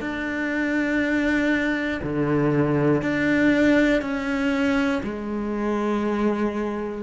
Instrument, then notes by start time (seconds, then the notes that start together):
cello
0.00 D4
2.03 D3
3.02 D4
4.02 C#4
5.03 G#3